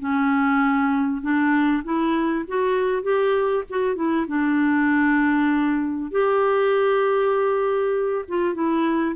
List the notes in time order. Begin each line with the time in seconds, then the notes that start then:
0.00 C#4
1.22 D4
1.84 E4
2.48 F#4
3.03 G4
3.70 F#4
3.96 E4
4.28 D4
6.11 G4
8.28 F4
8.55 E4